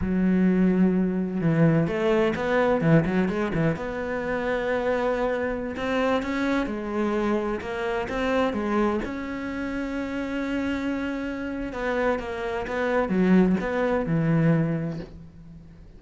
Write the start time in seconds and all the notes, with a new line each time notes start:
0.01 F#3
1.40 E3
1.87 A3
2.35 B3
2.81 E3
3.05 F#3
3.28 G#3
3.54 E3
3.76 B3
5.76 C4
6.22 C#4
6.66 G#3
7.60 A#3
8.09 C4
8.53 G#3
9.04 C#4
11.72 B3
12.19 A#3
12.67 B3
13.08 F#3
13.60 B3
14.06 E3